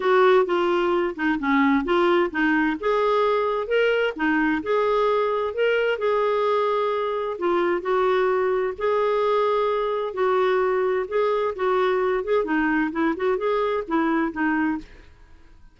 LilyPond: \new Staff \with { instrumentName = "clarinet" } { \time 4/4 \tempo 4 = 130 fis'4 f'4. dis'8 cis'4 | f'4 dis'4 gis'2 | ais'4 dis'4 gis'2 | ais'4 gis'2. |
f'4 fis'2 gis'4~ | gis'2 fis'2 | gis'4 fis'4. gis'8 dis'4 | e'8 fis'8 gis'4 e'4 dis'4 | }